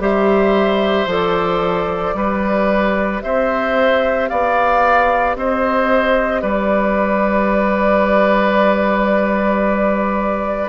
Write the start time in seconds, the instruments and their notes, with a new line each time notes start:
0.00 bassoon G3, clarinet G4, oboe C5, flute E5
1.06 bassoon F3, clarinet A4, flute D5
2.15 bassoon G3, clarinet G4, oboe B4
3.22 bassoon C4, oboe C5, flute E5
4.29 bassoon B3, oboe D5, flute F5
5.36 bassoon C4, oboe C5, flute D#5
6.42 bassoon G3, oboe B4, flute D5